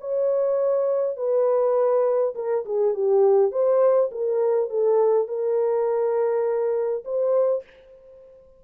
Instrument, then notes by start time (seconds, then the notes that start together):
horn
0.00 C#5
1.17 B4
2.35 A#4
2.65 G#4
2.94 G4
3.51 C5
4.11 A#4
4.70 A4
5.28 A#4
7.05 C5